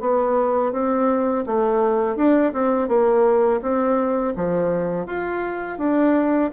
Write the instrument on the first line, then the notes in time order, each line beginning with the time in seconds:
bassoon
0.00 B3
0.72 C4
1.46 A3
2.16 D4
2.53 C4
2.88 A#3
3.61 C4
4.36 F3
5.06 F4
5.78 D4